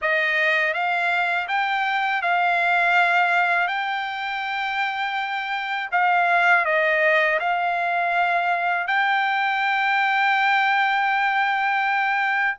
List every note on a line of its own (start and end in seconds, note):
0.01 0.73 D#5
0.73 1.47 F5
1.47 2.22 G5
2.22 3.67 F5
3.67 5.89 G5
5.91 6.65 F5
6.65 7.39 D#5
7.39 8.87 F5
8.87 12.57 G5